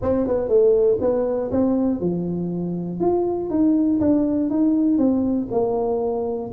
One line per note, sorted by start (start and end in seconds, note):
0.02 0.27 C4
0.27 0.48 B3
0.48 0.98 A3
1.00 1.50 B3
1.51 2.00 C4
2.00 3.00 F3
3.00 3.50 F4
3.50 4.00 D#4
4.00 4.50 D4
4.50 4.98 D#4
4.98 5.48 C4
5.51 6.51 A#3